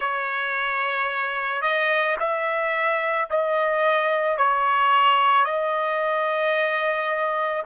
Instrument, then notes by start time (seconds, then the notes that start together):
trumpet
0.00 C#5
1.61 D#5
2.19 E5
3.30 D#5
4.37 C#5
5.44 D#5